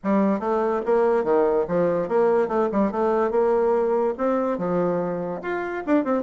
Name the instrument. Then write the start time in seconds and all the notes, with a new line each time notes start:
bassoon
0.03 G3
0.39 A3
0.85 A#3
1.23 D#3
1.68 F3
2.08 A#3
2.48 A3
2.71 G3
2.91 A3
3.30 A#3
4.17 C4
4.58 F3
5.42 F4
5.86 D4
6.04 C4